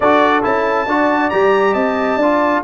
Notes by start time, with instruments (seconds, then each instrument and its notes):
0.00 tuba D4, trombone F#4, horn A4, trumpet D5
0.43 tuba C#4, trombone E4, trumpet A5
0.86 tuba D4, trombone F#4, horn D5
1.30 tuba G3, trombone G4, trumpet A#5
1.73 tuba C4, horn D#5, trumpet A5
2.16 tuba D4, trombone F4, horn D5